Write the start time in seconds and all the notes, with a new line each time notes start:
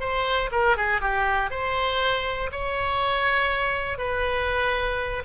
0.00 C5
0.52 A#4
0.77 G#4
1.00 G4
1.50 C5
2.52 C#5
3.98 B4